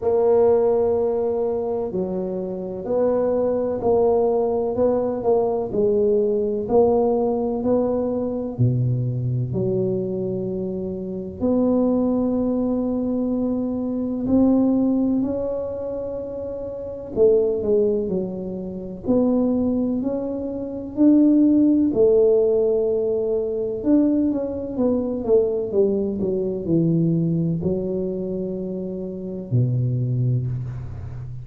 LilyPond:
\new Staff \with { instrumentName = "tuba" } { \time 4/4 \tempo 4 = 63 ais2 fis4 b4 | ais4 b8 ais8 gis4 ais4 | b4 b,4 fis2 | b2. c'4 |
cis'2 a8 gis8 fis4 | b4 cis'4 d'4 a4~ | a4 d'8 cis'8 b8 a8 g8 fis8 | e4 fis2 b,4 | }